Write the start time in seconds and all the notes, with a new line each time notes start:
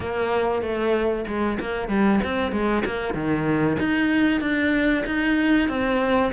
0.00 A#3
0.62 A3
1.27 G#3
1.60 A#3
1.88 G3
2.24 C4
2.52 G#3
2.85 A#3
3.13 D#3
3.79 D#4
4.40 D4
5.06 D#4
5.68 C4